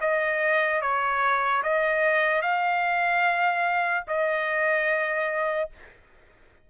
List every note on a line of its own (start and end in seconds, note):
0.00 0.81 D#5
0.81 1.62 C#5
1.63 2.41 D#5
2.41 4.04 F5
4.07 5.69 D#5